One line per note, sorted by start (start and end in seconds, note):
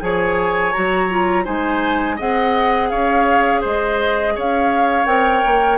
0.00 0.73 F3
0.00 0.72 G#4
0.00 1.44 C#5
0.00 0.72 G#5
0.72 1.47 F#3
0.72 1.10 F#4
0.72 1.44 A#5
1.10 1.44 F4
1.44 2.19 G#3
1.44 2.17 D#4
1.44 2.16 C5
1.44 2.18 G#5
2.16 2.91 C4
2.16 5.05 G#4
2.16 2.88 D#5
2.16 2.89 F#5
2.89 3.64 C#4
2.89 3.61 C#5
2.89 3.61 F5
3.61 4.37 G#3
3.61 4.33 C5
3.61 4.38 D#5
4.35 5.06 C#4
4.35 5.78 C#5
4.35 5.05 F5
5.05 5.42 C4
5.05 5.78 A#4
5.05 5.78 G5
5.45 5.78 A#3